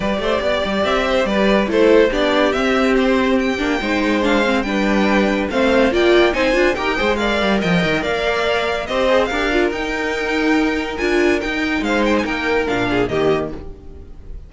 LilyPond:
<<
  \new Staff \with { instrumentName = "violin" } { \time 4/4 \tempo 4 = 142 d''2 e''4 d''4 | c''4 d''4 e''4 c''4 | g''2 f''4 g''4~ | g''4 f''4 g''4 gis''4 |
g''4 f''4 g''4 f''4~ | f''4 dis''4 f''4 g''4~ | g''2 gis''4 g''4 | f''8 g''16 gis''16 g''4 f''4 dis''4 | }
  \new Staff \with { instrumentName = "violin" } { \time 4/4 b'8 c''8 d''4. c''8 b'4 | a'4 g'2.~ | g'4 c''2 b'4~ | b'4 c''4 d''4 c''4 |
ais'8 c''8 d''4 dis''4 d''4~ | d''4 c''4 ais'2~ | ais'1 | c''4 ais'4. gis'8 g'4 | }
  \new Staff \with { instrumentName = "viola" } { \time 4/4 g'1 | e'4 d'4 c'2~ | c'8 d'8 dis'4 d'8 c'8 d'4~ | d'4 c'4 f'4 dis'8 f'8 |
g'8 gis'8 ais'2.~ | ais'4 g'8 gis'8 g'8 f'8 dis'4~ | dis'2 f'4 dis'4~ | dis'2 d'4 ais4 | }
  \new Staff \with { instrumentName = "cello" } { \time 4/4 g8 a8 b8 g8 c'4 g4 | a4 b4 c'2~ | c'8 ais8 gis2 g4~ | g4 a4 ais4 c'8 d'8 |
dis'8 gis4 g8 f8 dis8 ais4~ | ais4 c'4 d'4 dis'4~ | dis'2 d'4 dis'4 | gis4 ais4 ais,4 dis4 | }
>>